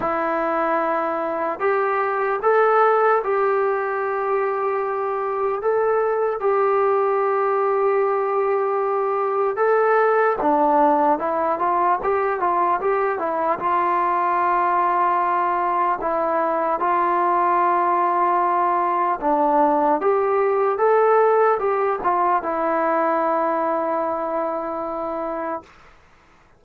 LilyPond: \new Staff \with { instrumentName = "trombone" } { \time 4/4 \tempo 4 = 75 e'2 g'4 a'4 | g'2. a'4 | g'1 | a'4 d'4 e'8 f'8 g'8 f'8 |
g'8 e'8 f'2. | e'4 f'2. | d'4 g'4 a'4 g'8 f'8 | e'1 | }